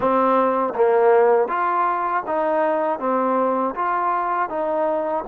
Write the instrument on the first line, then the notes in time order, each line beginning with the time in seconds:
trombone
0.00 C4
0.74 A#3
1.48 F4
2.26 D#4
2.99 C4
3.75 F4
4.49 D#4